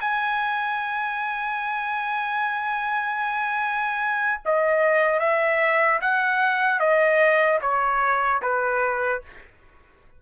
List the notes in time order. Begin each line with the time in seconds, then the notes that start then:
0.00 G#5
4.45 D#5
5.19 E5
6.01 F#5
6.79 D#5
7.61 C#5
8.41 B4